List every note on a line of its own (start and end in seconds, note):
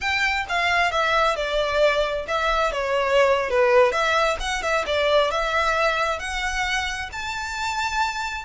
0.00 0.45 G5
0.48 0.91 F5
0.91 1.35 E5
1.35 2.26 D5
2.27 2.71 E5
2.71 3.50 C#5
3.50 3.91 B4
3.91 4.37 E5
4.40 4.62 F#5
4.62 4.85 E5
4.86 5.30 D5
5.30 6.19 E5
6.19 7.09 F#5
7.12 8.44 A5